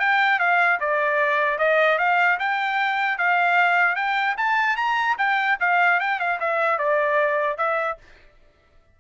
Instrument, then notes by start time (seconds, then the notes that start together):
trumpet
0.00 G5
0.40 F5
0.81 D5
1.59 D#5
1.99 F5
2.40 G5
3.19 F5
3.96 G5
4.38 A5
4.77 A#5
5.19 G5
5.61 F5
6.01 G5
6.20 F5
6.40 E5
6.79 D5
7.58 E5